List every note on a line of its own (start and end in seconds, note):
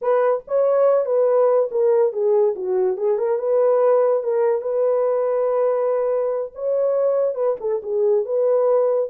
0.01 0.43 B4
0.47 1.05 C#5
1.05 1.69 B4
1.71 2.12 A#4
2.12 2.55 G#4
2.55 2.97 F#4
2.97 3.18 G#4
3.18 3.38 A#4
3.38 4.23 B4
4.23 4.61 A#4
4.61 6.51 B4
6.55 7.35 C#5
7.35 7.56 B4
7.60 7.81 A4
7.82 8.25 G#4
8.25 9.09 B4